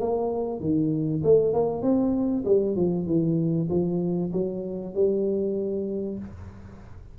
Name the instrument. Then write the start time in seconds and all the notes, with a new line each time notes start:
tuba
0.00 A#3
0.60 D#3
1.24 A3
1.54 A#3
1.82 C4
2.45 G3
2.76 F3
3.07 E3
3.70 F3
4.33 F#3
4.95 G3